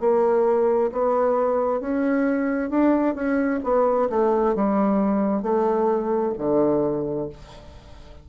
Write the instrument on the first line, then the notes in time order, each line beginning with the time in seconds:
bassoon
0.00 A#3
0.92 B3
1.81 C#4
2.70 D4
3.15 C#4
3.64 B3
4.10 A3
4.55 G3
5.43 A3
6.38 D3